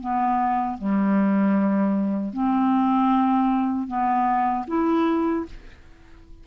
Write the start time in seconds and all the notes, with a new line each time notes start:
0.00 B3
0.78 G3
2.33 C4
3.87 B3
4.67 E4